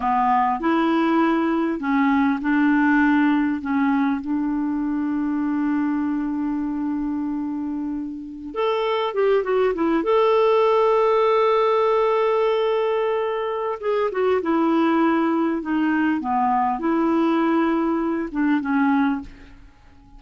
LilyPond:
\new Staff \with { instrumentName = "clarinet" } { \time 4/4 \tempo 4 = 100 b4 e'2 cis'4 | d'2 cis'4 d'4~ | d'1~ | d'2~ d'16 a'4 g'8 fis'16~ |
fis'16 e'8 a'2.~ a'16~ | a'2. gis'8 fis'8 | e'2 dis'4 b4 | e'2~ e'8 d'8 cis'4 | }